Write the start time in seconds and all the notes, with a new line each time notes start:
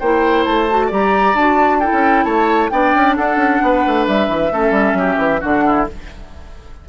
0.00 A#3 E4 C5 G5
0.45 A3 A5
0.70 F#4
0.87 G3 G4 D5
0.94 A#5
1.34 D4 F#4 A5
1.80 E4 A4 G5
1.92 C#4
2.25 A3 C#5 A5
2.70 B3 D4 D5 G5
2.95 C#4
3.17 D4 A4 F#5
3.36 C#4
3.62 B3 B4
3.87 A3
4.08 G3 E5
4.29 E3
4.52 A3 C#4 A4
4.71 G3
4.94 F#3 G4
5.18 E3
5.41 D3 D4 F#4 F#5
5.67 E4